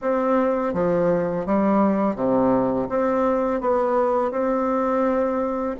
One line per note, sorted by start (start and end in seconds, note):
0.01 0.73 C4
0.73 1.46 F3
1.46 2.15 G3
2.15 2.88 C3
2.89 3.60 C4
3.60 4.31 B3
4.31 5.75 C4